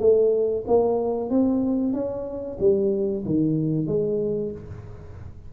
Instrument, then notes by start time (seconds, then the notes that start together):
tuba
0.00 A3
0.67 A#3
1.30 C4
1.93 C#4
2.60 G3
3.26 D#3
3.87 G#3